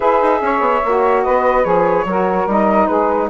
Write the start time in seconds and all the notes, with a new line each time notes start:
0.00 E4 G#4 B4 E5
0.21 D#4
0.41 C#4 C#5
0.60 B3
0.84 A#3 F#4
1.23 B3 B4 D#5
1.64 F3 G#4 C#5
2.04 F#3 F#4 A#4
2.46 G3 D#4 D#5
2.86 G#3 G#4 B4